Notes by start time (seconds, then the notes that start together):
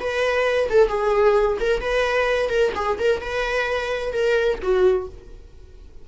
0.00 B4
0.70 A4
0.89 G#4
1.60 A#4
1.81 B4
2.49 A#4
2.75 G#4
2.99 A#4
3.21 B4
4.13 A#4
4.63 F#4